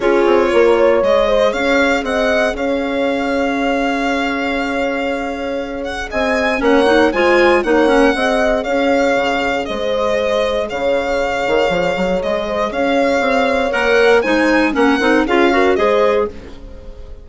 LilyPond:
<<
  \new Staff \with { instrumentName = "violin" } { \time 4/4 \tempo 4 = 118 cis''2 dis''4 f''4 | fis''4 f''2.~ | f''2.~ f''8 fis''8 | gis''4 fis''4 gis''4 fis''4~ |
fis''4 f''2 dis''4~ | dis''4 f''2. | dis''4 f''2 fis''4 | gis''4 fis''4 f''4 dis''4 | }
  \new Staff \with { instrumentName = "horn" } { \time 4/4 gis'4 ais'8 cis''4 c''8 cis''4 | dis''4 cis''2.~ | cis''1 | dis''4 cis''4 c''4 cis''4 |
dis''4 cis''2 c''4~ | c''4 cis''2.~ | cis''8 c''8 cis''2. | c''4 ais'4 gis'8 ais'8 c''4 | }
  \new Staff \with { instrumentName = "clarinet" } { \time 4/4 f'2 gis'2~ | gis'1~ | gis'1~ | gis'4 cis'8 dis'8 f'4 dis'8 cis'8 |
gis'1~ | gis'1~ | gis'2. ais'4 | dis'4 cis'8 dis'8 f'8 fis'8 gis'4 | }
  \new Staff \with { instrumentName = "bassoon" } { \time 4/4 cis'8 c'8 ais4 gis4 cis'4 | c'4 cis'2.~ | cis'1 | c'4 ais4 gis4 ais4 |
c'4 cis'4 cis4 gis4~ | gis4 cis4. dis8 f8 fis8 | gis4 cis'4 c'4 ais4 | gis4 ais8 c'8 cis'4 gis4 | }
>>